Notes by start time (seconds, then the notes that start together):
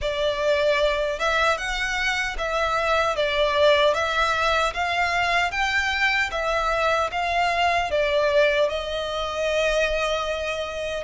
0.01 D5
1.19 E5
1.57 F#5
2.38 E5
3.15 D5
3.94 E5
4.73 F5
5.51 G5
6.31 E5
7.11 F5
7.91 D5
8.69 D#5